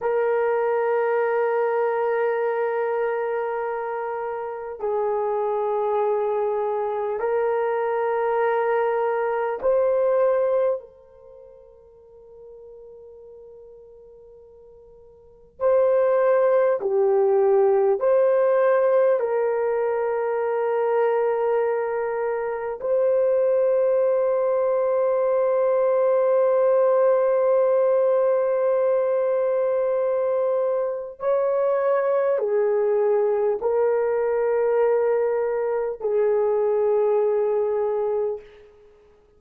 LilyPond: \new Staff \with { instrumentName = "horn" } { \time 4/4 \tempo 4 = 50 ais'1 | gis'2 ais'2 | c''4 ais'2.~ | ais'4 c''4 g'4 c''4 |
ais'2. c''4~ | c''1~ | c''2 cis''4 gis'4 | ais'2 gis'2 | }